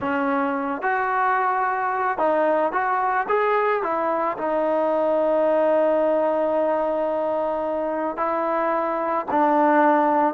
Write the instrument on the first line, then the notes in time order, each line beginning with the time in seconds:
trombone
0.00 C#4
0.82 F#4
2.18 D#4
2.72 F#4
3.28 G#4
3.82 E4
4.37 D#4
8.17 E4
9.30 D4